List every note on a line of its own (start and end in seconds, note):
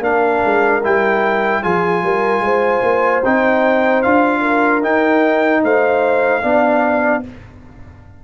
0.00 0.40 A#3
0.00 0.81 D4
0.00 1.63 A#4
0.00 0.84 F5
0.45 0.85 G#3
0.84 1.64 G3
0.84 1.63 E4
0.84 1.63 G5
1.63 2.03 F3
1.63 3.23 F4
1.63 2.03 G#4
1.63 3.23 G#5
2.03 2.40 G3
2.03 2.44 A#4
2.40 2.80 G#3
2.40 4.41 C5
2.82 3.22 A#3
3.24 4.05 C4
3.24 4.04 D#4
3.24 4.02 G5
4.02 4.84 D4
4.02 4.82 F4
4.02 4.82 F5
4.41 5.61 A#4
4.82 6.42 D#4
4.82 5.64 D#4
4.82 5.64 G5
5.64 6.44 A3
5.64 6.43 C5
5.64 7.25 F5
6.43 7.24 B3
6.43 7.23 D4
6.43 7.23 D5